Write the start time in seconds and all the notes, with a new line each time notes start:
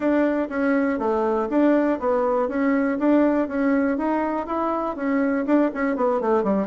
0.00 D4
0.49 C#4
0.98 A3
1.49 D4
1.99 B3
2.48 C#4
2.98 D4
3.48 C#4
3.97 D#4
4.46 E4
4.96 C#4
5.46 D4
5.73 C#4
5.96 B3
6.20 A3
6.43 G3